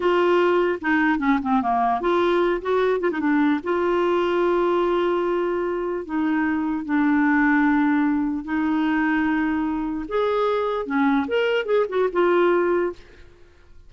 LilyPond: \new Staff \with { instrumentName = "clarinet" } { \time 4/4 \tempo 4 = 149 f'2 dis'4 cis'8 c'8 | ais4 f'4. fis'4 f'16 dis'16 | d'4 f'2.~ | f'2. dis'4~ |
dis'4 d'2.~ | d'4 dis'2.~ | dis'4 gis'2 cis'4 | ais'4 gis'8 fis'8 f'2 | }